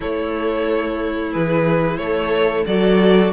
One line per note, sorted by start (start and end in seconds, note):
0.00 1.35 A3
0.00 2.66 E4
0.00 1.32 A4
0.00 1.32 C#5
1.32 1.98 E3
1.32 1.99 G#4
1.32 1.97 B4
1.97 2.65 A3
1.97 2.68 A4
1.97 2.64 C#5
2.66 3.32 F#3
2.66 3.32 F#4
2.66 3.32 A4
2.66 3.32 D5